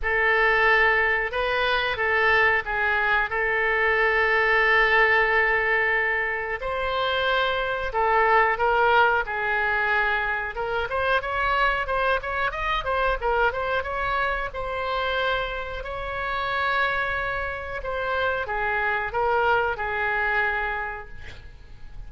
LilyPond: \new Staff \with { instrumentName = "oboe" } { \time 4/4 \tempo 4 = 91 a'2 b'4 a'4 | gis'4 a'2.~ | a'2 c''2 | a'4 ais'4 gis'2 |
ais'8 c''8 cis''4 c''8 cis''8 dis''8 c''8 | ais'8 c''8 cis''4 c''2 | cis''2. c''4 | gis'4 ais'4 gis'2 | }